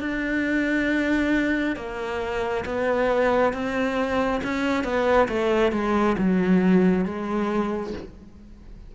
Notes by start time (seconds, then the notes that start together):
0.00 D4
1.76 A#3
2.65 B3
3.53 C4
4.44 C#4
4.84 B3
5.29 A3
5.72 G#3
6.18 F#3
7.05 G#3